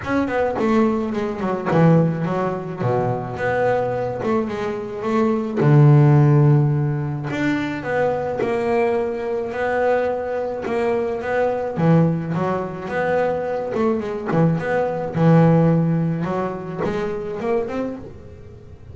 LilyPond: \new Staff \with { instrumentName = "double bass" } { \time 4/4 \tempo 4 = 107 cis'8 b8 a4 gis8 fis8 e4 | fis4 b,4 b4. a8 | gis4 a4 d2~ | d4 d'4 b4 ais4~ |
ais4 b2 ais4 | b4 e4 fis4 b4~ | b8 a8 gis8 e8 b4 e4~ | e4 fis4 gis4 ais8 c'8 | }